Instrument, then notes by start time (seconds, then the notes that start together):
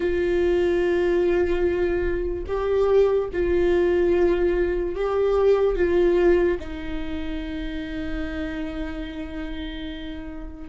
viola
0.00 F4
2.46 G4
3.33 F4
4.95 G4
5.75 F4
6.59 D#4